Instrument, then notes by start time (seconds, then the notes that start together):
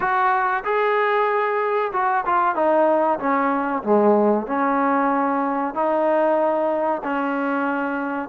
trombone
0.00 F#4
0.64 G#4
1.92 F#4
2.25 F4
2.55 D#4
3.19 C#4
3.83 G#3
4.46 C#4
5.74 D#4
7.03 C#4